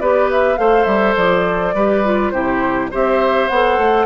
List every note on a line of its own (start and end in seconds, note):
0.00 0.58 B3
0.00 0.57 G4
0.00 0.59 B4
0.00 0.29 D5
0.31 0.57 E5
0.57 0.86 A3
0.57 1.74 A4
0.57 1.75 C5
0.57 0.85 F5
0.85 1.15 G3
0.85 1.14 E5
1.16 1.74 F3
1.16 2.30 D5
1.74 2.32 G3
1.74 2.04 G4
1.74 2.33 B4
2.04 2.33 F4
2.30 2.90 C3
2.30 2.91 E4
2.30 2.91 G4
2.30 2.88 C5
2.91 3.50 C4
2.91 3.50 G4
2.91 4.06 C5
2.91 3.48 E5
3.48 3.78 B3
3.48 4.06 A4
3.48 4.06 F#5
3.78 4.06 A3